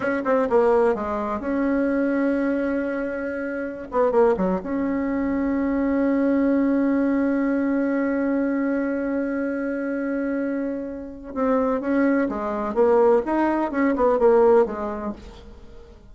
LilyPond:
\new Staff \with { instrumentName = "bassoon" } { \time 4/4 \tempo 4 = 127 cis'8 c'8 ais4 gis4 cis'4~ | cis'1~ | cis'16 b8 ais8 fis8 cis'2~ cis'16~ | cis'1~ |
cis'1~ | cis'1 | c'4 cis'4 gis4 ais4 | dis'4 cis'8 b8 ais4 gis4 | }